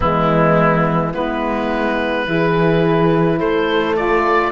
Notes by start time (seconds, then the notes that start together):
0.00 E3 G#3 B3 E4
1.13 G#3 B3 E4 B4
2.25 E3 E4 G#4
3.38 A3 A4 C5
3.95 F4 D5